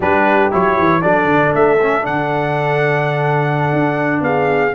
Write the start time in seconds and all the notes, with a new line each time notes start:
0.00 G3 D4 G4 B4
0.51 F#3 E4 C#5
0.78 E3
1.01 F#3 D4 A4 D5
1.24 D3
1.54 A3 E5
1.81 C#4
2.01 D3 D4 F#5
3.72 D4
4.21 B3 G#4 F5